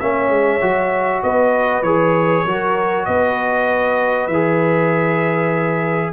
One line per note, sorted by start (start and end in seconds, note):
0.00 0.29 A#3
0.00 0.62 C#4
0.00 1.23 C#5
0.00 1.22 E5
0.29 0.60 G#3
0.62 1.23 F#3
0.62 1.84 F#4
1.23 1.82 B3
1.23 2.45 B4
1.23 1.83 D#5
1.82 2.44 E3
1.82 2.47 G#4
1.82 3.06 C#5
2.46 3.07 F#3
2.46 4.31 F#4
2.46 3.07 A#4
3.06 4.28 B3
3.06 6.13 B4
3.06 4.27 D#5
4.27 6.12 E3
4.27 6.11 E5
4.34 6.13 G#4